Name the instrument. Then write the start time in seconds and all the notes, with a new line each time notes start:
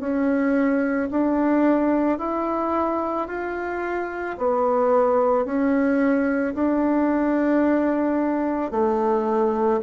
bassoon
0.00 C#4
1.11 D4
2.18 E4
3.27 F4
4.38 B3
5.45 C#4
6.55 D4
8.71 A3